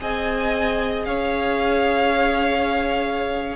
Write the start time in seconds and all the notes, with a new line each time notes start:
0.00 C4 G#4 D#5 G#5
1.05 C#4 C#5 F5